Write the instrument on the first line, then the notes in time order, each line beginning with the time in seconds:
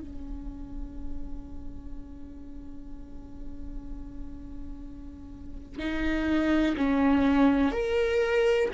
viola
0.00 C#4
5.79 D#4
6.77 C#4
7.72 A#4